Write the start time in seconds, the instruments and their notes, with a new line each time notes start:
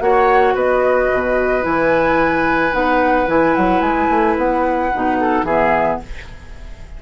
0.00 bassoon A#3, clarinet F#4, oboe C#5, flute F#5
0.54 bassoon B3, oboe B4, flute D#5
1.12 bassoon B2
1.61 bassoon E3, clarinet E4, flute G#5
2.72 bassoon B3, clarinet D#4, flute F#5
3.27 bassoon E3, clarinet E4, flute G#5
3.55 bassoon F#3, flute F#5
3.80 bassoon G#3, flute G#5
4.10 bassoon A3
4.37 bassoon B3, flute F#5
4.94 bassoon B2, clarinet D#4
5.20 oboe A4
5.43 bassoon E3, clarinet B3, oboe G#4, flute E5